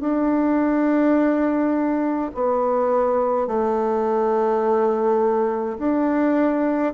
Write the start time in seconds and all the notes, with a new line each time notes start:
0.00 D4
2.34 B3
3.47 A3
5.78 D4